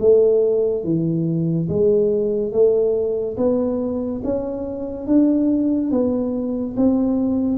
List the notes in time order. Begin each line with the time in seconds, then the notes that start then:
0.00 A3
0.84 E3
1.69 G#3
2.52 A3
3.37 B3
4.24 C#4
5.07 D4
5.91 B3
6.77 C4